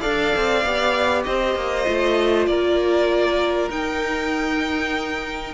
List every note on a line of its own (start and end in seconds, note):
0.00 0.35 D4
0.00 0.62 A4
0.00 1.23 D5
0.00 1.22 F5
0.36 0.64 C4
0.64 1.25 B3
0.64 1.86 G4
1.24 1.55 C4
1.24 2.48 C5
1.24 2.46 D#5
1.55 1.85 A#3
1.86 2.47 A3
1.86 3.69 F4
2.47 3.69 A#3
2.47 5.53 A#4
2.47 3.69 D5
3.69 5.53 D#4
3.69 5.53 G5